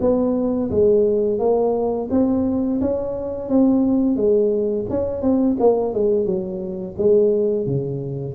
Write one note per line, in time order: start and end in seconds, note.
0.00 0.70 B3
0.70 1.39 G#3
1.39 2.08 A#3
2.10 2.80 C4
2.80 3.49 C#4
3.49 4.16 C4
4.16 4.86 G#3
4.90 5.21 C#4
5.21 5.56 C4
5.59 5.93 A#3
5.93 6.25 G#3
6.25 6.95 F#3
6.98 7.66 G#3
7.66 8.35 C#3